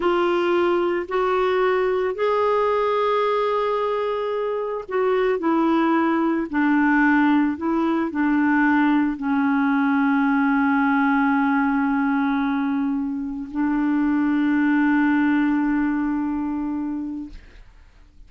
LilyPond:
\new Staff \with { instrumentName = "clarinet" } { \time 4/4 \tempo 4 = 111 f'2 fis'2 | gis'1~ | gis'4 fis'4 e'2 | d'2 e'4 d'4~ |
d'4 cis'2.~ | cis'1~ | cis'4 d'2.~ | d'1 | }